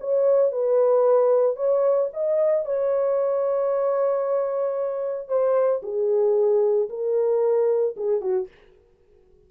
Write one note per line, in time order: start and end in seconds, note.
0.00 0.52 C#5
0.52 1.56 B4
1.56 2.09 C#5
2.13 2.65 D#5
2.65 5.28 C#5
5.28 5.81 C5
5.83 6.89 G#4
6.89 7.95 A#4
7.96 8.21 G#4
8.21 8.47 F#4